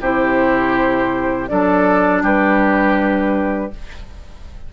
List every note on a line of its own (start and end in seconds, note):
0.00 1.48 C3
0.00 1.48 E4
0.00 1.49 G4
0.00 1.48 C5
1.48 2.23 F#3
1.48 3.71 D4
1.48 2.23 A4
1.48 2.22 D5
2.23 3.71 G3
2.23 3.71 G4
2.23 3.73 B4